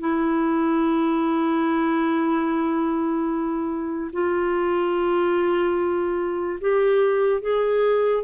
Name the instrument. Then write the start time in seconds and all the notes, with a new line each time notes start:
clarinet
0.00 E4
4.13 F4
6.61 G4
7.42 G#4